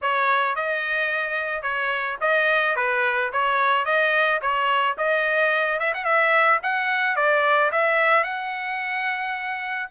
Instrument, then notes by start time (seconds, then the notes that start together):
trumpet
0.01 C#5
0.55 D#5
1.62 C#5
2.20 D#5
2.75 B4
3.32 C#5
3.85 D#5
4.41 C#5
4.97 D#5
5.79 E5
5.93 F#5
6.04 E5
6.63 F#5
7.16 D5
7.71 E5
8.23 F#5